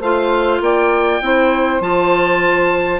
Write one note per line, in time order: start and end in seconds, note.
0.00 0.60 A3
0.00 1.22 F4
0.00 0.60 C5
0.00 0.62 F5
0.60 1.21 A#3
0.60 1.23 D5
0.60 1.82 G5
1.21 1.80 C4
1.21 1.81 E4
1.21 3.00 C5
1.80 3.00 F3
1.80 3.00 F4
1.80 3.00 A5